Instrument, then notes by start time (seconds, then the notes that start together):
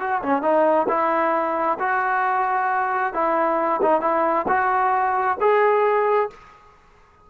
trombone
0.00 F#4
0.23 C#4
0.43 D#4
0.89 E4
1.80 F#4
3.14 E4
3.82 D#4
4.02 E4
4.48 F#4
5.41 G#4